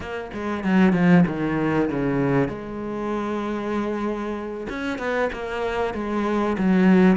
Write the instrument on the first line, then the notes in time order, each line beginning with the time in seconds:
cello
0.00 A#3
0.33 G#3
0.64 F#3
0.93 F3
1.27 D#3
1.89 C#3
2.48 G#3
4.69 C#4
4.98 B3
5.33 A#3
5.94 G#3
6.58 F#3